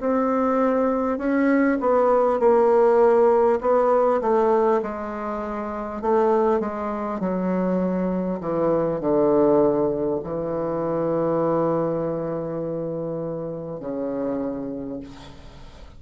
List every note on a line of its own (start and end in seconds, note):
0.00 1.18 C4
1.18 1.78 C#4
1.81 2.39 B3
2.39 3.59 A#3
3.61 4.21 B3
4.22 4.82 A3
4.83 6.02 G#3
6.02 6.60 A3
6.60 7.20 G#3
7.20 8.40 F#3
8.41 9.01 E3
9.01 10.21 D3
10.24 13.80 E3
13.80 15.00 C#3